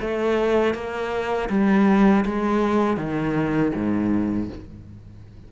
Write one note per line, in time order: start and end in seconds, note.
0.00 0.74 A3
0.74 1.49 A#3
1.49 2.24 G3
2.25 2.97 G#3
2.97 3.72 D#3
3.74 4.49 G#2